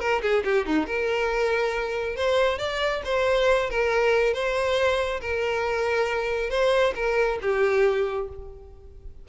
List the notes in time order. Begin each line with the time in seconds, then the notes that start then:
0.00 A#4
0.22 G#4
0.45 G4
0.66 D#4
0.87 A#4
2.16 C5
2.59 D5
3.05 C5
3.70 A#4
4.34 C5
5.21 A#4
6.50 C5
6.96 A#4
7.42 G4